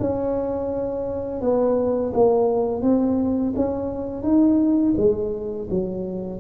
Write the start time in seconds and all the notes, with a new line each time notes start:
0.00 C#4
1.41 B3
2.14 A#3
2.82 C4
3.56 C#4
4.23 D#4
4.97 G#3
5.70 F#3